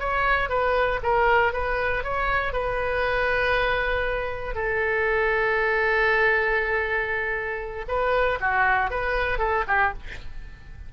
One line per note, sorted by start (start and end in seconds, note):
0.00 0.50 C#5
0.50 1.01 B4
1.03 1.53 A#4
1.53 2.04 B4
2.04 2.53 C#5
2.53 4.55 B4
4.55 7.86 A4
7.89 8.39 B4
8.41 8.91 F#4
8.91 9.39 B4
9.39 9.64 A4
9.68 9.94 G4